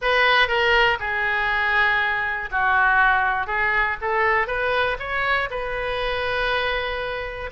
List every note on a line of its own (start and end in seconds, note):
0.01 0.47 B4
0.47 0.97 A#4
0.99 2.49 G#4
2.51 3.47 F#4
3.47 3.97 G#4
4.01 4.47 A4
4.47 4.97 B4
4.99 5.49 C#5
5.50 7.50 B4